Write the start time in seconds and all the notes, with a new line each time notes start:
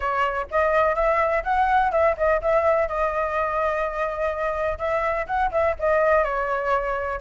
0.00 C#5
0.50 D#5
0.95 E5
1.43 F#5
1.91 E5
2.17 D#5
2.41 E5
2.88 D#5
4.78 E5
5.27 F#5
5.51 E5
5.79 D#5
6.24 C#5